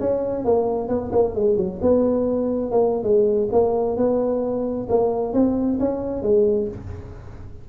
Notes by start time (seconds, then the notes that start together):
0.00 C#4
0.45 A#3
0.88 B3
1.12 A#3
1.35 G#3
1.57 F#3
1.82 B3
2.71 A#3
3.03 G#3
3.52 A#3
3.97 B3
4.89 A#3
5.33 C4
5.80 C#4
6.23 G#3